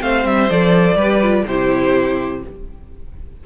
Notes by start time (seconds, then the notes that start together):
0.00 A3 C4 C5 F5
0.25 G3 E5
0.49 F3 A4 D5
0.95 G3 G4 B4
1.22 F4
1.46 C3 E4 G4 C5